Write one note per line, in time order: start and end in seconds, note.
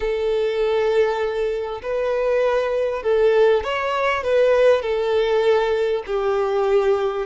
0.00 1.81 A4
1.82 3.02 B4
3.02 3.63 A4
3.63 4.23 C#5
4.23 4.82 B4
4.82 6.03 A4
6.06 7.26 G4